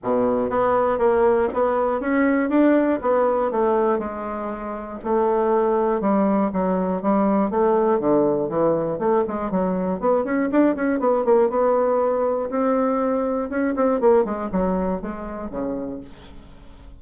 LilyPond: \new Staff \with { instrumentName = "bassoon" } { \time 4/4 \tempo 4 = 120 b,4 b4 ais4 b4 | cis'4 d'4 b4 a4 | gis2 a2 | g4 fis4 g4 a4 |
d4 e4 a8 gis8 fis4 | b8 cis'8 d'8 cis'8 b8 ais8 b4~ | b4 c'2 cis'8 c'8 | ais8 gis8 fis4 gis4 cis4 | }